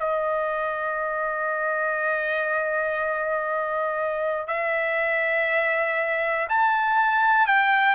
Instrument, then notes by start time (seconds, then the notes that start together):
trumpet
0.00 D#5
4.48 E5
6.49 A5
7.48 G5